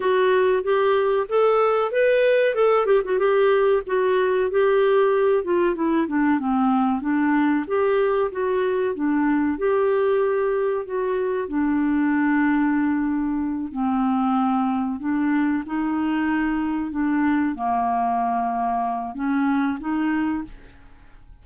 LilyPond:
\new Staff \with { instrumentName = "clarinet" } { \time 4/4 \tempo 4 = 94 fis'4 g'4 a'4 b'4 | a'8 g'16 fis'16 g'4 fis'4 g'4~ | g'8 f'8 e'8 d'8 c'4 d'4 | g'4 fis'4 d'4 g'4~ |
g'4 fis'4 d'2~ | d'4. c'2 d'8~ | d'8 dis'2 d'4 ais8~ | ais2 cis'4 dis'4 | }